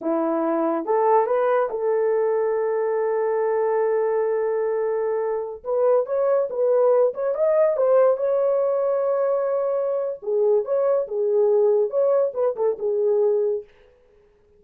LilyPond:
\new Staff \with { instrumentName = "horn" } { \time 4/4 \tempo 4 = 141 e'2 a'4 b'4 | a'1~ | a'1~ | a'4~ a'16 b'4 cis''4 b'8.~ |
b'8. cis''8 dis''4 c''4 cis''8.~ | cis''1 | gis'4 cis''4 gis'2 | cis''4 b'8 a'8 gis'2 | }